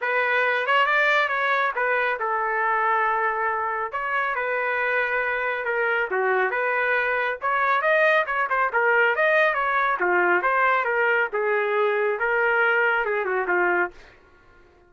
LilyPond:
\new Staff \with { instrumentName = "trumpet" } { \time 4/4 \tempo 4 = 138 b'4. cis''8 d''4 cis''4 | b'4 a'2.~ | a'4 cis''4 b'2~ | b'4 ais'4 fis'4 b'4~ |
b'4 cis''4 dis''4 cis''8 c''8 | ais'4 dis''4 cis''4 f'4 | c''4 ais'4 gis'2 | ais'2 gis'8 fis'8 f'4 | }